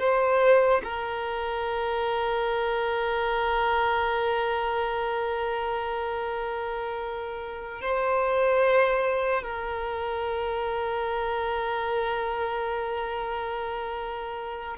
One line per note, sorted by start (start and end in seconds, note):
0.00 0.82 C5
0.84 7.82 A#4
7.82 9.43 C5
9.43 14.78 A#4